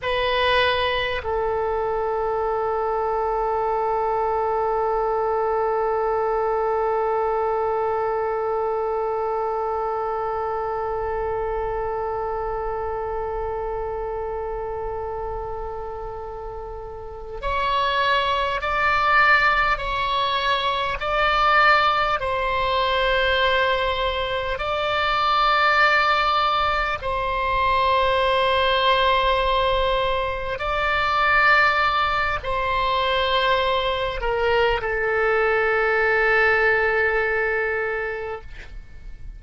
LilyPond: \new Staff \with { instrumentName = "oboe" } { \time 4/4 \tempo 4 = 50 b'4 a'2.~ | a'1~ | a'1~ | a'2~ a'8 cis''4 d''8~ |
d''8 cis''4 d''4 c''4.~ | c''8 d''2 c''4.~ | c''4. d''4. c''4~ | c''8 ais'8 a'2. | }